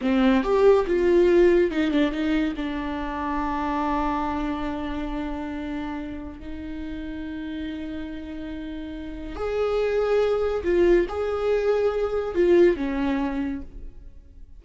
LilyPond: \new Staff \with { instrumentName = "viola" } { \time 4/4 \tempo 4 = 141 c'4 g'4 f'2 | dis'8 d'8 dis'4 d'2~ | d'1~ | d'2. dis'4~ |
dis'1~ | dis'2 gis'2~ | gis'4 f'4 gis'2~ | gis'4 f'4 cis'2 | }